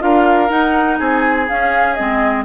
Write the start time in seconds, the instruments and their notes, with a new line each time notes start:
0.00 bassoon D4, clarinet F4, oboe A#4, flute F5
0.49 clarinet D#4, bassoon D#4, flute F#5
0.99 bassoon C4, oboe G#4, flute G#5
1.48 clarinet C#4, bassoon C#4, flute F5
1.95 bassoon G#3, clarinet C4, flute D#5